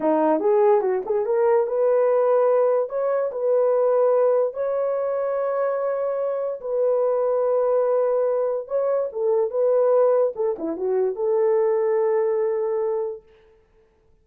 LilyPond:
\new Staff \with { instrumentName = "horn" } { \time 4/4 \tempo 4 = 145 dis'4 gis'4 fis'8 gis'8 ais'4 | b'2. cis''4 | b'2. cis''4~ | cis''1 |
b'1~ | b'4 cis''4 a'4 b'4~ | b'4 a'8 e'8 fis'4 a'4~ | a'1 | }